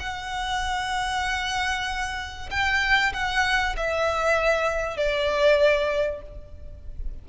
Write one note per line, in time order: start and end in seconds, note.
0.00 2.50 F#5
2.51 3.13 G5
3.13 3.76 F#5
3.77 4.97 E5
4.97 6.22 D5